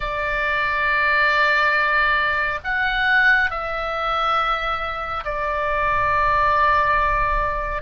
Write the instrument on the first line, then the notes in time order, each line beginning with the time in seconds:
oboe
0.00 D5
2.63 F#5
3.50 E5
5.24 D5